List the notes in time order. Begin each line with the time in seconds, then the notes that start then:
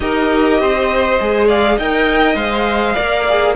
0.00 D#4 G4 A#4 D#5
0.59 C4 C5
1.20 G#3 G#4
1.47 D5 F5
1.77 D#4 A#4 D#5 G5
2.34 G#3 C5 F5
2.94 A#3 A#4 D5
3.28 G#4